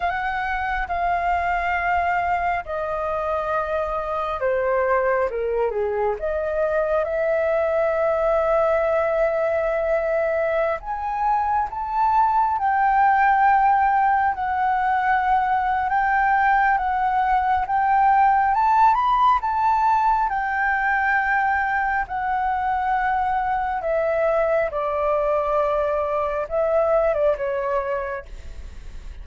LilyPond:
\new Staff \with { instrumentName = "flute" } { \time 4/4 \tempo 4 = 68 fis''4 f''2 dis''4~ | dis''4 c''4 ais'8 gis'8 dis''4 | e''1~ | e''16 gis''4 a''4 g''4.~ g''16~ |
g''16 fis''4.~ fis''16 g''4 fis''4 | g''4 a''8 b''8 a''4 g''4~ | g''4 fis''2 e''4 | d''2 e''8. d''16 cis''4 | }